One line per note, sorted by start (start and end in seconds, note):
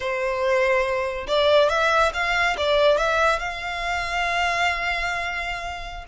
0.00 1.26 C5
1.27 1.69 D5
1.69 2.12 E5
2.13 2.56 F5
2.57 2.97 D5
2.97 3.39 E5
3.39 6.05 F5